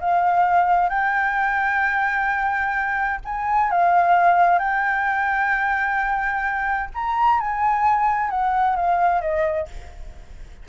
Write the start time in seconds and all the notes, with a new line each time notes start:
0.00 F5
0.89 G5
3.25 G#5
3.71 F5
4.59 G5
6.94 A#5
7.40 G#5
8.30 F#5
8.76 F5
9.21 D#5